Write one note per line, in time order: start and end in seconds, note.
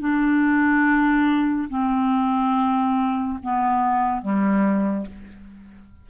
0.00 1.69 D4
1.70 3.39 C4
3.43 4.22 B3
4.22 5.07 G3